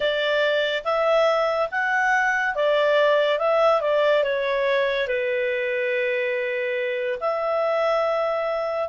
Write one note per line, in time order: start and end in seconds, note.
0.00 0.83 D5
0.84 1.69 E5
1.71 2.55 F#5
2.55 3.38 D5
3.38 3.81 E5
3.81 4.23 D5
4.23 5.07 C#5
5.07 7.18 B4
7.20 8.88 E5